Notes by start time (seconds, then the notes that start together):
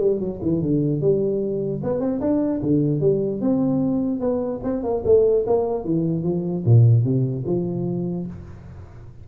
0.00 G3
0.20 F#3
0.42 E3
0.62 D3
1.01 G3
1.84 B3
2.01 C4
2.21 D4
2.62 D3
3.01 G3
3.41 C4
4.21 B3
4.64 C4
4.84 A#3
5.06 A3
5.47 A#3
5.85 E3
6.24 F3
6.66 A#2
7.05 C3
7.46 F3